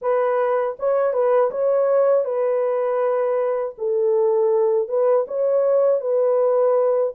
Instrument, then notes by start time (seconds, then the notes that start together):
horn
0.01 B4
0.79 C#5
1.12 B4
1.50 C#5
2.24 B4
3.77 A4
4.88 B4
5.27 C#5
6.00 B4